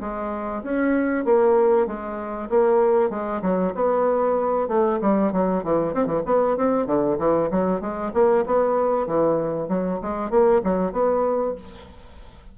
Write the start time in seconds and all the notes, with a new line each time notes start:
0.00 G#3
0.63 C#4
1.24 A#3
1.86 G#3
2.49 A#3
3.10 G#3
3.41 F#3
3.74 B3
4.68 A3
5.01 G3
5.32 F#3
5.63 E3
5.93 C4
6.05 E3
6.25 B3
6.57 C4
6.86 D3
7.18 E3
7.50 F#3
7.80 G#3
8.13 A#3
8.46 B3
9.06 E3
9.68 F#3
10.01 G#3
10.30 A#3
10.63 F#3
10.92 B3